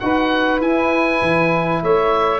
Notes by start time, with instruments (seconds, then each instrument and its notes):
0.00 tuba D#4, trombone F#4, saxophone B4, oboe F#5
0.60 tuba E4, trombone E4, oboe G#5
1.22 tuba E3
1.82 tuba A3, saxophone C#5, oboe E5